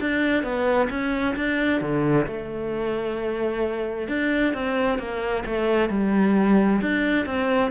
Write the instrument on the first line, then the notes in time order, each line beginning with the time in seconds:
cello
0.00 D4
0.43 B3
0.90 C#4
1.36 D4
1.81 D3
2.26 A3
4.08 D4
4.54 C4
4.98 A#3
5.46 A3
5.89 G3
6.81 D4
7.26 C4